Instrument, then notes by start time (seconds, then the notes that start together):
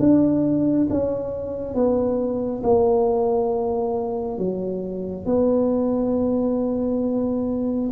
tuba
0.00 D4
0.91 C#4
1.75 B3
2.64 A#3
4.38 F#3
5.26 B3